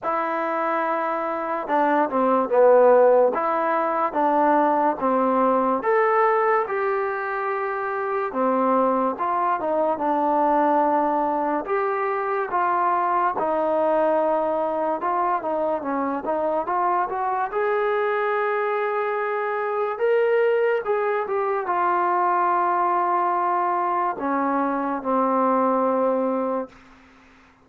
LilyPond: \new Staff \with { instrumentName = "trombone" } { \time 4/4 \tempo 4 = 72 e'2 d'8 c'8 b4 | e'4 d'4 c'4 a'4 | g'2 c'4 f'8 dis'8 | d'2 g'4 f'4 |
dis'2 f'8 dis'8 cis'8 dis'8 | f'8 fis'8 gis'2. | ais'4 gis'8 g'8 f'2~ | f'4 cis'4 c'2 | }